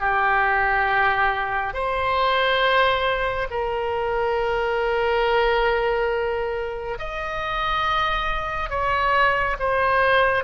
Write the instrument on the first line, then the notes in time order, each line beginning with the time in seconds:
oboe
0.00 G4
1.74 C5
3.50 A#4
6.99 D#5
8.70 C#5
9.59 C5